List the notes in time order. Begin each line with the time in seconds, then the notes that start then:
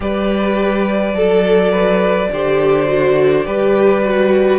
0.00 G3 G4 B4 D5
1.13 F#3 A4
1.71 B4
2.32 D3 G4 C5
2.86 F#4
3.45 G3 G4 B4
4.03 F#4